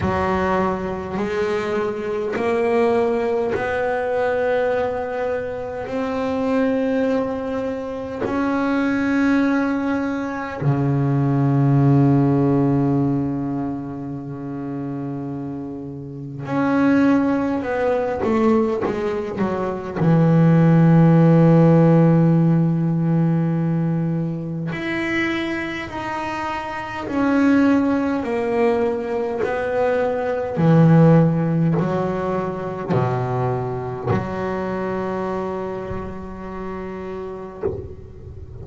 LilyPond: \new Staff \with { instrumentName = "double bass" } { \time 4/4 \tempo 4 = 51 fis4 gis4 ais4 b4~ | b4 c'2 cis'4~ | cis'4 cis2.~ | cis2 cis'4 b8 a8 |
gis8 fis8 e2.~ | e4 e'4 dis'4 cis'4 | ais4 b4 e4 fis4 | b,4 fis2. | }